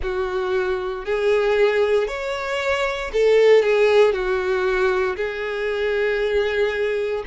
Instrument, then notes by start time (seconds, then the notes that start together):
violin
0.02 F#4
1.05 G#4
2.07 C#5
3.12 A4
3.62 G#4
4.12 F#4
5.16 G#4